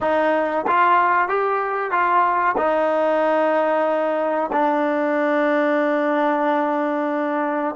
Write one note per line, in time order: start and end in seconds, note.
0.01 0.65 D#4
0.67 1.28 F4
1.28 1.91 G4
1.91 2.55 F4
2.57 4.50 D#4
4.52 7.75 D4